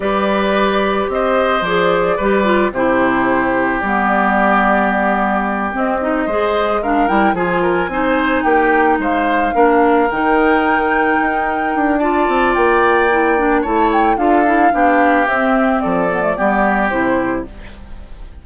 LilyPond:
<<
  \new Staff \with { instrumentName = "flute" } { \time 4/4 \tempo 4 = 110 d''2 dis''4 d''4~ | d''4 c''2 d''4~ | d''2~ d''8 dis''4.~ | dis''8 f''8 g''8 gis''2 g''8~ |
g''8 f''2 g''4.~ | g''2 a''4 g''4~ | g''4 a''8 g''8 f''2 | e''4 d''2 c''4 | }
  \new Staff \with { instrumentName = "oboe" } { \time 4/4 b'2 c''2 | b'4 g'2.~ | g'2.~ g'8 c''8~ | c''8 ais'4 gis'8 ais'8 c''4 g'8~ |
g'8 c''4 ais'2~ ais'8~ | ais'2 d''2~ | d''4 cis''4 a'4 g'4~ | g'4 a'4 g'2 | }
  \new Staff \with { instrumentName = "clarinet" } { \time 4/4 g'2. gis'4 | g'8 f'8 e'2 b4~ | b2~ b8 c'8 dis'8 gis'8~ | gis'8 d'8 e'8 f'4 dis'4.~ |
dis'4. d'4 dis'4.~ | dis'2 f'2 | e'8 d'8 e'4 f'8 e'8 d'4 | c'4. b16 a16 b4 e'4 | }
  \new Staff \with { instrumentName = "bassoon" } { \time 4/4 g2 c'4 f4 | g4 c2 g4~ | g2~ g8 c'4 gis8~ | gis4 g8 f4 c'4 ais8~ |
ais8 gis4 ais4 dis4.~ | dis8 dis'4 d'4 c'8 ais4~ | ais4 a4 d'4 b4 | c'4 f4 g4 c4 | }
>>